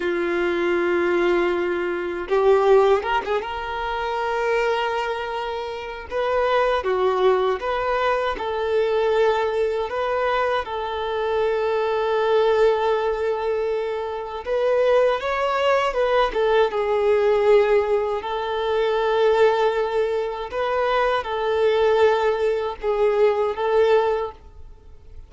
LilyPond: \new Staff \with { instrumentName = "violin" } { \time 4/4 \tempo 4 = 79 f'2. g'4 | ais'16 gis'16 ais'2.~ ais'8 | b'4 fis'4 b'4 a'4~ | a'4 b'4 a'2~ |
a'2. b'4 | cis''4 b'8 a'8 gis'2 | a'2. b'4 | a'2 gis'4 a'4 | }